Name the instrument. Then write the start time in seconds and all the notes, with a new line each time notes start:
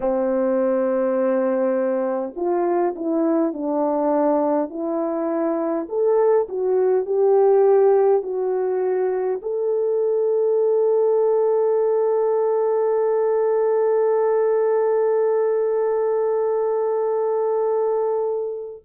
horn
0.00 C4
2.35 F4
2.95 E4
3.53 D4
4.69 E4
5.88 A4
6.49 F#4
7.05 G4
8.22 F#4
9.42 A4